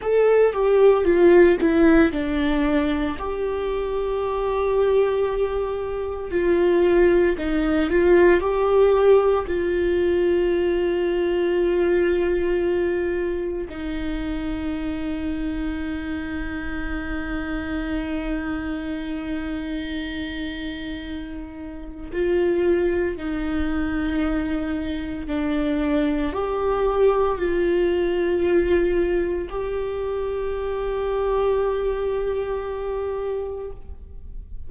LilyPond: \new Staff \with { instrumentName = "viola" } { \time 4/4 \tempo 4 = 57 a'8 g'8 f'8 e'8 d'4 g'4~ | g'2 f'4 dis'8 f'8 | g'4 f'2.~ | f'4 dis'2.~ |
dis'1~ | dis'4 f'4 dis'2 | d'4 g'4 f'2 | g'1 | }